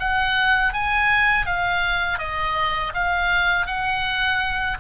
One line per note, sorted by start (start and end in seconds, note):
0.00 0.73 F#5
0.73 1.46 G#5
1.46 2.19 F5
2.19 2.93 D#5
2.95 3.67 F5
3.67 4.78 F#5